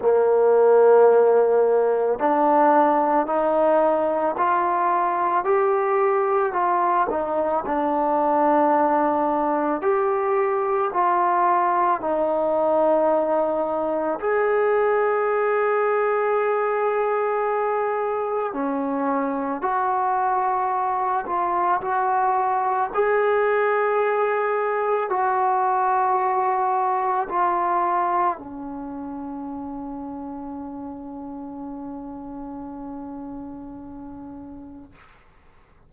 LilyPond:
\new Staff \with { instrumentName = "trombone" } { \time 4/4 \tempo 4 = 55 ais2 d'4 dis'4 | f'4 g'4 f'8 dis'8 d'4~ | d'4 g'4 f'4 dis'4~ | dis'4 gis'2.~ |
gis'4 cis'4 fis'4. f'8 | fis'4 gis'2 fis'4~ | fis'4 f'4 cis'2~ | cis'1 | }